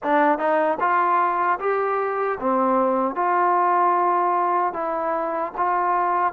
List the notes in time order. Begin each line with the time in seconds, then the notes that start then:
0.03 D4
0.38 D#4
0.79 F4
1.59 G4
2.39 C4
3.15 F4
4.73 E4
5.57 F4